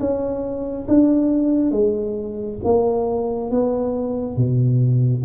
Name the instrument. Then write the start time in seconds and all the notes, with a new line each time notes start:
tuba
0.00 C#4
0.88 D4
1.72 G#3
2.64 A#3
3.51 B3
4.37 B2